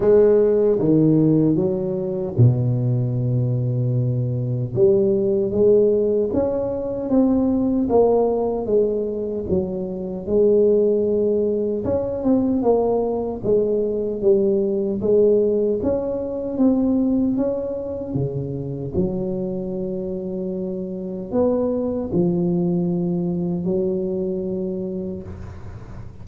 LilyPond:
\new Staff \with { instrumentName = "tuba" } { \time 4/4 \tempo 4 = 76 gis4 dis4 fis4 b,4~ | b,2 g4 gis4 | cis'4 c'4 ais4 gis4 | fis4 gis2 cis'8 c'8 |
ais4 gis4 g4 gis4 | cis'4 c'4 cis'4 cis4 | fis2. b4 | f2 fis2 | }